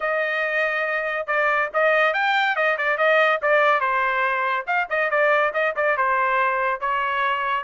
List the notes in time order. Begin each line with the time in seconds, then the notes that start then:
0.00 D#5
1.26 D5
1.73 D#5
2.13 G5
2.55 D#5
2.77 D5
2.97 D#5
3.42 D5
3.80 C5
4.66 F5
4.89 D#5
5.10 D5
5.53 D#5
5.76 D5
5.97 C5
6.80 C#5